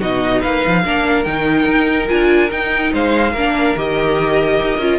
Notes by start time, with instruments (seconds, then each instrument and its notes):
0.00 cello B2, viola D#4, violin F#4 D#5
0.41 cello A#3, violin B4 F5
0.66 cello F3
0.84 cello A#3, viola D4, violin A#4
1.24 cello D#3, viola D#4, violin G5
1.66 cello D#4
2.08 cello D4, viola F4, violin G#5
2.50 viola D#4, cello D#4, violin G5
2.93 cello G#3, violin C5 F5
3.32 cello A#3, viola D4, violin A#4
3.76 cello D#3, viola G4, violin D#5
4.61 cello D#4
4.78 cello C#4, viola F4